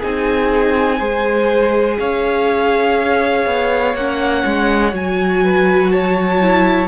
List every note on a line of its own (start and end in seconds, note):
0.00 1.01 C4
0.00 1.00 D#4
0.00 0.98 G#4
0.00 2.00 G#5
0.99 1.99 G#3
0.99 3.95 G#4
0.99 1.97 C5
2.00 3.47 C#4
2.00 5.44 C#5
2.00 3.96 F5
3.47 3.95 B3
3.95 4.44 A#3
3.95 4.91 C#4
3.95 4.95 F#5
4.46 4.93 G#3
4.91 6.89 F#3
4.91 6.39 F#4
4.91 5.91 G#5
5.44 5.92 B4
5.91 6.89 C#5
5.91 6.89 A5
6.42 6.89 E4